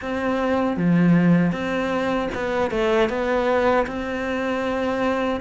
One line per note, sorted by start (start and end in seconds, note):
0.01 0.77 C4
0.77 1.51 F3
1.51 2.28 C4
2.34 2.71 B3
2.71 3.09 A3
3.09 3.86 B3
3.86 5.40 C4